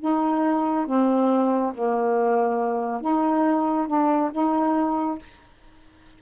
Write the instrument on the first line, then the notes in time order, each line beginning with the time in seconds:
saxophone
0.00 D#4
0.86 C4
1.75 A#3
3.01 D#4
3.88 D4
4.32 D#4